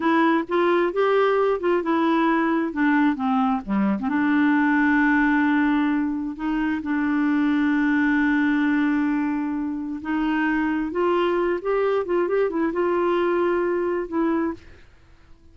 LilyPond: \new Staff \with { instrumentName = "clarinet" } { \time 4/4 \tempo 4 = 132 e'4 f'4 g'4. f'8 | e'2 d'4 c'4 | g8. c'16 d'2.~ | d'2 dis'4 d'4~ |
d'1~ | d'2 dis'2 | f'4. g'4 f'8 g'8 e'8 | f'2. e'4 | }